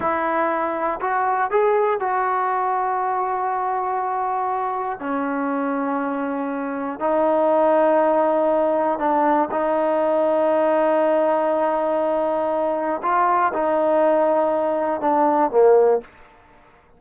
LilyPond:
\new Staff \with { instrumentName = "trombone" } { \time 4/4 \tempo 4 = 120 e'2 fis'4 gis'4 | fis'1~ | fis'2 cis'2~ | cis'2 dis'2~ |
dis'2 d'4 dis'4~ | dis'1~ | dis'2 f'4 dis'4~ | dis'2 d'4 ais4 | }